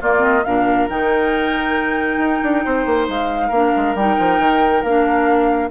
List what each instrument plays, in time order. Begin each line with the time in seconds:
0.00 clarinet A#3, bassoon A#3, oboe F4, flute D5
0.19 clarinet C4, flute D#5
0.44 bassoon A#2, clarinet D4, oboe A#4, flute F5
0.89 bassoon D#3, clarinet D#4, flute G5
2.17 bassoon D#4
2.43 bassoon D4
2.65 bassoon C4, oboe C5
2.86 bassoon A#3
3.09 bassoon G#3, flute F5
3.48 bassoon A#3, clarinet D4, oboe A#4
3.76 bassoon G#3
3.95 bassoon G3, clarinet D#4, flute G5
4.19 bassoon F3
4.39 bassoon D#3
4.82 bassoon A#3, clarinet D4, flute F5